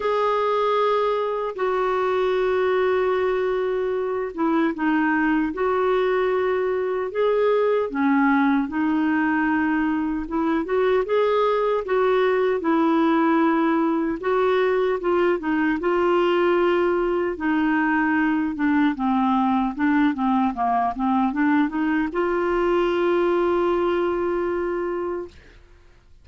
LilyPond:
\new Staff \with { instrumentName = "clarinet" } { \time 4/4 \tempo 4 = 76 gis'2 fis'2~ | fis'4. e'8 dis'4 fis'4~ | fis'4 gis'4 cis'4 dis'4~ | dis'4 e'8 fis'8 gis'4 fis'4 |
e'2 fis'4 f'8 dis'8 | f'2 dis'4. d'8 | c'4 d'8 c'8 ais8 c'8 d'8 dis'8 | f'1 | }